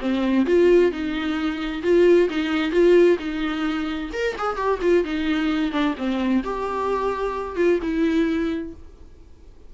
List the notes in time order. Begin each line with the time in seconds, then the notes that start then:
0.00 C4
0.46 F4
0.92 D#4
1.83 F4
2.30 D#4
2.72 F4
3.19 D#4
4.13 A#4
4.38 G#4
4.57 G4
4.82 F4
5.05 D#4
5.72 D4
5.98 C4
6.44 G4
7.56 F4
7.82 E4